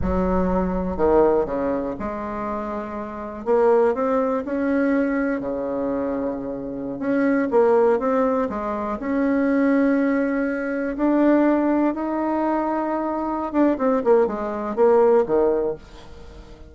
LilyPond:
\new Staff \with { instrumentName = "bassoon" } { \time 4/4 \tempo 4 = 122 fis2 dis4 cis4 | gis2. ais4 | c'4 cis'2 cis4~ | cis2~ cis16 cis'4 ais8.~ |
ais16 c'4 gis4 cis'4.~ cis'16~ | cis'2~ cis'16 d'4.~ d'16~ | d'16 dis'2.~ dis'16 d'8 | c'8 ais8 gis4 ais4 dis4 | }